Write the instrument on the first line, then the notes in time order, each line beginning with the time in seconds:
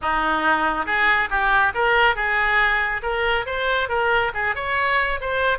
oboe
0.01 D#4
0.86 G#4
1.29 G4
1.74 A#4
2.15 G#4
3.02 A#4
3.46 C5
3.88 A#4
4.34 G#4
4.55 C#5
5.20 C5